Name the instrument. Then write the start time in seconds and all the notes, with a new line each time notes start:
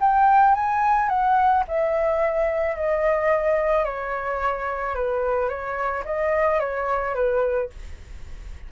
flute
0.00 G5
0.55 G#5
1.09 F#5
1.67 E5
2.75 D#5
3.85 C#5
4.95 B4
5.49 C#5
6.05 D#5
6.60 C#5
7.15 B4